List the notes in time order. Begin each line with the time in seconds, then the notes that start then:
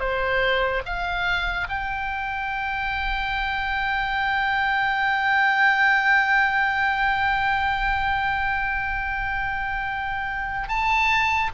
0.00 C5
0.86 F5
1.69 G5
10.69 A5